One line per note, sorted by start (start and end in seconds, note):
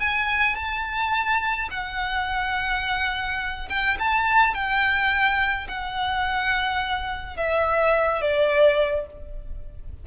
0.00 0.56 G#5
0.56 1.69 A5
1.71 3.69 F#5
3.69 3.98 G5
3.99 4.54 A5
4.54 5.68 G5
5.68 7.37 F#5
7.37 8.22 E5
8.22 9.06 D5